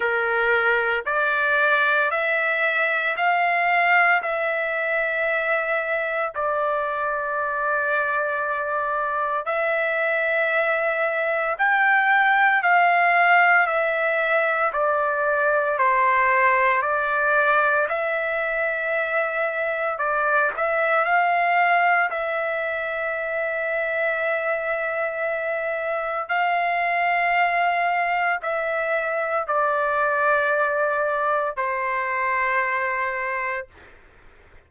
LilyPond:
\new Staff \with { instrumentName = "trumpet" } { \time 4/4 \tempo 4 = 57 ais'4 d''4 e''4 f''4 | e''2 d''2~ | d''4 e''2 g''4 | f''4 e''4 d''4 c''4 |
d''4 e''2 d''8 e''8 | f''4 e''2.~ | e''4 f''2 e''4 | d''2 c''2 | }